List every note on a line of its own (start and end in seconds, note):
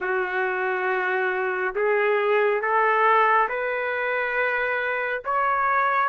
0.00 1.74 F#4
1.75 2.61 G#4
2.61 3.48 A4
3.48 5.22 B4
5.25 6.08 C#5